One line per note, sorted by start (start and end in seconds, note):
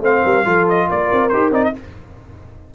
0.00 0.21 A3
0.00 0.45 C4
0.00 0.23 C5
0.00 0.67 F5
0.24 0.45 G3
0.24 0.45 A#4
0.45 0.88 F3
0.45 1.30 F4
0.45 0.88 A4
0.68 0.89 D#5
0.88 1.11 A#3
0.88 1.73 A#4
0.88 1.28 D5
1.12 1.32 C4
1.28 1.50 D#4
1.28 1.52 G4
1.28 1.50 C5
1.50 1.71 C4
1.50 1.73 D#4
1.50 1.63 D5
1.63 1.74 D#5